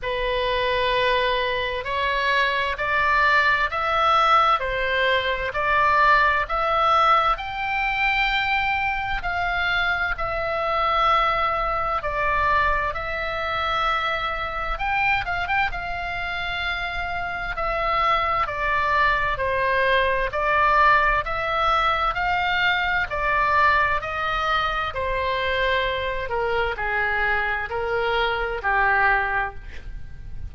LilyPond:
\new Staff \with { instrumentName = "oboe" } { \time 4/4 \tempo 4 = 65 b'2 cis''4 d''4 | e''4 c''4 d''4 e''4 | g''2 f''4 e''4~ | e''4 d''4 e''2 |
g''8 f''16 g''16 f''2 e''4 | d''4 c''4 d''4 e''4 | f''4 d''4 dis''4 c''4~ | c''8 ais'8 gis'4 ais'4 g'4 | }